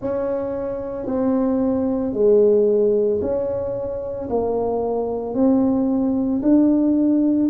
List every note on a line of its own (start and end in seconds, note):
0.01 1.06 C#4
1.06 2.13 C4
2.13 3.20 G#3
3.21 4.29 C#4
4.29 5.34 A#3
5.34 6.41 C4
6.42 7.49 D4